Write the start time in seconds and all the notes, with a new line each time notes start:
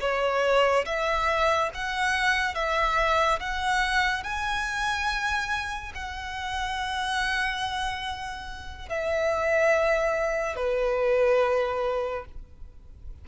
0.00 C#5
0.85 E5
1.74 F#5
2.54 E5
3.40 F#5
4.23 G#5
5.94 F#5
8.89 E5
10.56 B4